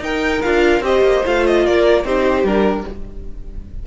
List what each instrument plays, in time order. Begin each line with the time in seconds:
0.00 cello D#4, viola D#4, violin A#4 G5
0.42 cello D4, viola F4, violin F5
0.80 cello C4, viola G4, violin C5 D#5
1.01 cello A#3
1.25 cello A3, viola F4, violin F5
1.46 violin D#5
1.66 cello A#3, violin A#4 D5
2.04 cello C4, viola D#4, violin G4 C5
2.43 cello G3, viola D4, violin A#4